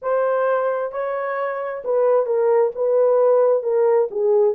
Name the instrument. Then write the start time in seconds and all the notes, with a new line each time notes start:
horn
0.02 C5
0.92 C#5
1.84 B4
2.26 A#4
2.75 B4
3.62 A#4
4.11 G#4